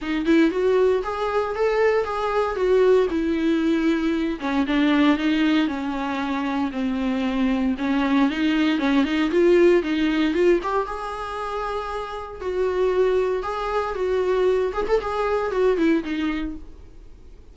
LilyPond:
\new Staff \with { instrumentName = "viola" } { \time 4/4 \tempo 4 = 116 dis'8 e'8 fis'4 gis'4 a'4 | gis'4 fis'4 e'2~ | e'8 cis'8 d'4 dis'4 cis'4~ | cis'4 c'2 cis'4 |
dis'4 cis'8 dis'8 f'4 dis'4 | f'8 g'8 gis'2. | fis'2 gis'4 fis'4~ | fis'8 gis'16 a'16 gis'4 fis'8 e'8 dis'4 | }